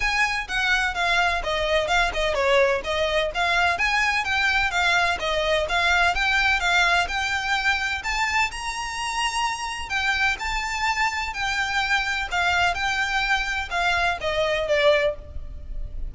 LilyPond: \new Staff \with { instrumentName = "violin" } { \time 4/4 \tempo 4 = 127 gis''4 fis''4 f''4 dis''4 | f''8 dis''8 cis''4 dis''4 f''4 | gis''4 g''4 f''4 dis''4 | f''4 g''4 f''4 g''4~ |
g''4 a''4 ais''2~ | ais''4 g''4 a''2 | g''2 f''4 g''4~ | g''4 f''4 dis''4 d''4 | }